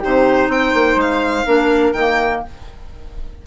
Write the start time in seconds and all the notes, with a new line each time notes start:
0.00 C3 D#4 G4 C5
0.48 C4 C5 G5
0.74 A#3
0.96 G#3 F5
1.46 A#3 D4 A#4
1.93 D#3 A#3 G5